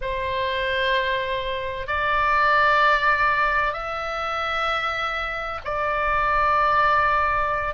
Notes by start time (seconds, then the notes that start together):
0.01 C5
1.87 D5
3.73 E5
5.64 D5